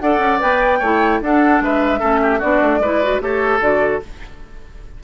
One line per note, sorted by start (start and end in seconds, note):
0.00 0.19 D4
0.00 0.40 A4
0.00 0.79 D5
0.00 0.40 F#5
0.19 0.39 C#4
0.40 0.81 B3
0.40 0.80 B4
0.40 1.22 G5
0.79 1.21 A3
0.79 1.24 E4
0.79 1.19 C#5
1.21 1.61 D4
1.21 2.01 D4
1.21 1.64 A4
1.21 1.64 F#5
1.61 2.01 G#3
1.61 2.00 B4
1.61 2.41 E5
2.00 2.42 A3
2.00 2.41 C#4
2.00 2.20 A4
2.23 2.39 G4
2.39 2.62 B3
2.39 2.81 D4
2.39 2.79 F#4
2.39 3.21 D5
2.62 2.80 A3
2.80 3.20 G#3
2.80 3.03 E4
2.80 3.22 B4
3.03 3.21 F#4
3.21 3.61 A3
3.21 3.61 G4
3.21 4.04 A4
3.21 3.62 C#5
3.61 4.01 D3
3.61 4.01 F#4
3.61 4.02 D5